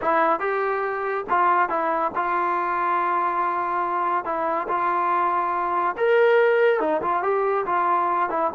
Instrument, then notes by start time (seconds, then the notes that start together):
trombone
0.01 E4
0.39 G4
1.29 F4
1.69 E4
2.15 F4
4.24 E4
4.68 F4
5.97 A#4
6.80 D#4
7.01 F4
7.22 G4
7.66 F4
8.29 E4